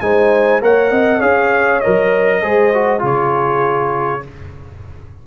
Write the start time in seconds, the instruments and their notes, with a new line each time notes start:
0.00 tuba G#3, trombone D#4, horn C5, trumpet G#5
0.61 tuba A#3, trombone A#4, horn C#5, trumpet F#5
0.91 tuba C4, horn D#5
1.19 tuba C#4, trombone G#4, horn C#5, trumpet F5
1.80 trombone A#4, trumpet D#5
1.86 tuba F#3
2.42 tuba G#3, trombone G#4, horn C5
2.74 trombone F#4
2.99 tuba C#3, trombone F4, horn G#4
3.05 trumpet C#5